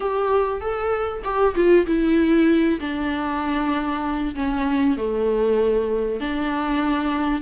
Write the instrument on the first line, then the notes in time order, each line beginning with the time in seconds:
viola
0.00 G4
0.60 A4
1.23 G4
1.55 F4
1.86 E4
2.80 D4
4.35 C#4
4.97 A3
6.20 D4